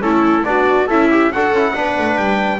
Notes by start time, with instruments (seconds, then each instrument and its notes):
0.00 double bass A3, trombone C#4, viola E4, trumpet A4
0.44 double bass B3, trombone D4, viola F#4, trumpet D5
0.86 double bass C#4, viola E4, trombone A4, trumpet E5
1.10 trombone G4
1.32 double bass D4, trombone F#4, viola A4, trumpet F#5
1.50 double bass C#4, trombone E4
1.73 double bass B3, trombone D4, viola B4
1.98 double bass A3
2.16 double bass G3, trumpet G5